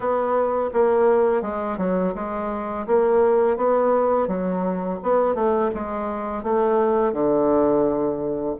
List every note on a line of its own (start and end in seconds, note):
0.00 0.70 B3
0.73 1.42 A#3
1.42 1.77 G#3
1.77 2.13 F#3
2.15 2.86 G#3
2.86 3.56 A#3
3.56 4.27 B3
4.27 4.99 F#3
5.02 5.34 B3
5.34 5.70 A3
5.74 6.43 G#3
6.43 7.12 A3
7.12 8.55 D3